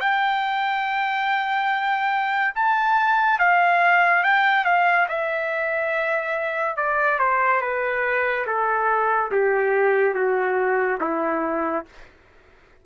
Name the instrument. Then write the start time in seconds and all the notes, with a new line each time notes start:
trumpet
0.00 G5
2.55 A5
3.39 F5
4.23 G5
4.65 F5
5.08 E5
6.76 D5
7.19 C5
7.61 B4
8.46 A4
9.31 G4
10.14 F#4
11.01 E4